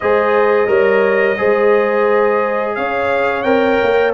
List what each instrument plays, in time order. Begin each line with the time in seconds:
0.00 tuba G#3, trombone G#4, horn C5, trumpet D#5
0.67 tuba G3, trombone A#4, horn C#5
1.37 tuba G#3, trombone G#4, horn C5
2.75 tuba C#4, horn C#5, trumpet F5
3.42 tuba C4, trombone A#4, trumpet G5
3.82 tuba A#3